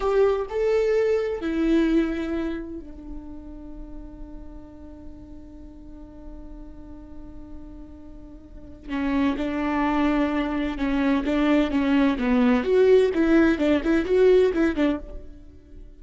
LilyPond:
\new Staff \with { instrumentName = "viola" } { \time 4/4 \tempo 4 = 128 g'4 a'2 e'4~ | e'2 d'2~ | d'1~ | d'1~ |
d'2. cis'4 | d'2. cis'4 | d'4 cis'4 b4 fis'4 | e'4 d'8 e'8 fis'4 e'8 d'8 | }